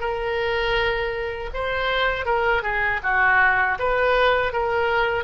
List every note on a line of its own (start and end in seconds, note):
0.00 1.50 A#4
1.54 2.25 C5
2.25 2.62 A#4
2.62 3.00 G#4
3.03 3.78 F#4
3.78 4.52 B4
4.52 5.24 A#4